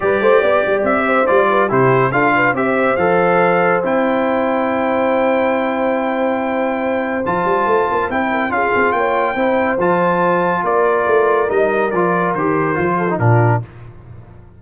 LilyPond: <<
  \new Staff \with { instrumentName = "trumpet" } { \time 4/4 \tempo 4 = 141 d''2 e''4 d''4 | c''4 f''4 e''4 f''4~ | f''4 g''2.~ | g''1~ |
g''4 a''2 g''4 | f''4 g''2 a''4~ | a''4 d''2 dis''4 | d''4 c''2 ais'4 | }
  \new Staff \with { instrumentName = "horn" } { \time 4/4 b'8 c''8 d''4. c''4 b'8 | g'4 a'8 b'8 c''2~ | c''1~ | c''1~ |
c''2.~ c''8 ais'8 | gis'4 cis''4 c''2~ | c''4 ais'2.~ | ais'2~ ais'8 a'8 f'4 | }
  \new Staff \with { instrumentName = "trombone" } { \time 4/4 g'2. f'4 | e'4 f'4 g'4 a'4~ | a'4 e'2.~ | e'1~ |
e'4 f'2 e'4 | f'2 e'4 f'4~ | f'2. dis'4 | f'4 g'4 f'8. dis'16 d'4 | }
  \new Staff \with { instrumentName = "tuba" } { \time 4/4 g8 a8 b8 g8 c'4 g4 | c4 d'4 c'4 f4~ | f4 c'2.~ | c'1~ |
c'4 f8 g8 a8 ais8 c'4 | cis'8 c'8 ais4 c'4 f4~ | f4 ais4 a4 g4 | f4 dis4 f4 ais,4 | }
>>